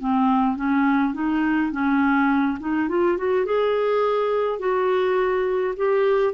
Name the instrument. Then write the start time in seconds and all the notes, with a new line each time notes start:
clarinet
0.00 C4
0.57 C#4
1.14 D#4
1.72 C#4
2.60 D#4
2.89 F4
3.18 F#4
3.46 G#4
4.59 F#4
5.77 G4